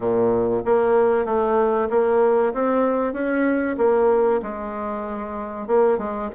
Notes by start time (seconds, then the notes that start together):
0.00 A#2
0.65 A#3
1.25 A3
1.89 A#3
2.53 C4
3.13 C#4
3.77 A#3
4.42 G#3
5.67 A#3
5.98 G#3